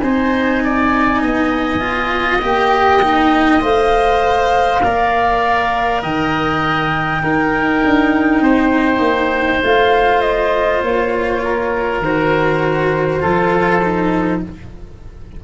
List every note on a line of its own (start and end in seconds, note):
0.00 1.22 C4
0.00 1.80 D#4
0.00 0.63 C5
0.00 2.40 G#5
0.65 1.23 D5
1.22 2.42 B3
1.22 4.83 D#5
1.80 2.41 F4
2.42 3.62 A#3
2.42 3.02 G4
2.42 3.62 G5
3.02 3.61 D#4
3.61 4.83 A3
3.61 4.81 C5
3.61 6.02 F5
4.83 6.03 A#3
4.83 7.24 A#4
4.83 6.03 D5
6.03 7.22 D#3
6.03 7.23 D#5
6.03 9.62 G5
7.22 7.82 D#4
7.22 9.64 D#4
7.22 8.43 A#4
7.85 8.41 D4
8.41 8.99 C4
8.41 11.43 C5
8.99 9.59 A#3
9.64 10.82 A3
9.64 12.04 F4
9.64 10.21 F5
10.21 10.81 D#5
10.82 12.00 A#3
10.82 12.03 C#5
11.44 13.22 A#4
12.00 13.20 D#3
12.00 13.20 F#4
12.00 14.44 C5
13.20 14.44 F3
13.20 13.80 F4
13.20 14.42 A4
13.83 14.43 D#4